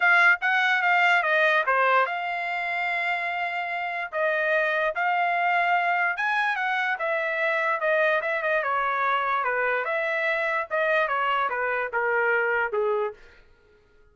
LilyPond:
\new Staff \with { instrumentName = "trumpet" } { \time 4/4 \tempo 4 = 146 f''4 fis''4 f''4 dis''4 | c''4 f''2.~ | f''2 dis''2 | f''2. gis''4 |
fis''4 e''2 dis''4 | e''8 dis''8 cis''2 b'4 | e''2 dis''4 cis''4 | b'4 ais'2 gis'4 | }